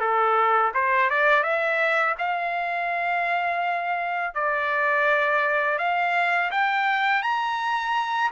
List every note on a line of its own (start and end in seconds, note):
0.00 0.72 A4
0.74 1.10 C5
1.10 1.43 D5
1.43 2.15 E5
2.19 4.34 F5
4.34 5.79 D5
5.79 6.51 F5
6.51 7.23 G5
7.23 8.31 A#5